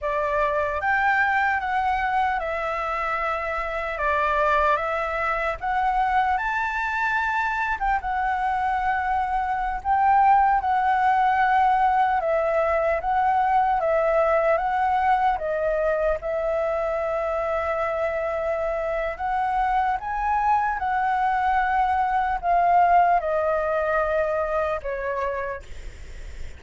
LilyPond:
\new Staff \with { instrumentName = "flute" } { \time 4/4 \tempo 4 = 75 d''4 g''4 fis''4 e''4~ | e''4 d''4 e''4 fis''4 | a''4.~ a''16 g''16 fis''2~ | fis''16 g''4 fis''2 e''8.~ |
e''16 fis''4 e''4 fis''4 dis''8.~ | dis''16 e''2.~ e''8. | fis''4 gis''4 fis''2 | f''4 dis''2 cis''4 | }